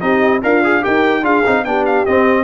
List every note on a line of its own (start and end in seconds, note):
0.00 0.43 C4
0.00 0.41 D#4
0.00 0.43 G4
0.00 0.41 D#5
0.42 0.84 D4
0.42 0.84 F4
0.42 0.62 A#4
0.42 0.84 F5
0.63 0.81 G#4
0.81 1.22 D#4
0.81 1.22 G4
0.81 1.23 A#4
0.81 1.24 G5
1.22 1.42 D4
1.22 1.43 F4
1.22 1.64 G#4
1.22 1.64 F5
1.45 1.64 C4
1.45 1.65 D#4
1.64 2.05 B3
1.64 2.06 D4
1.64 2.43 G4
1.64 1.84 G5
1.85 2.05 F5
2.05 2.43 C4
2.05 2.43 D#5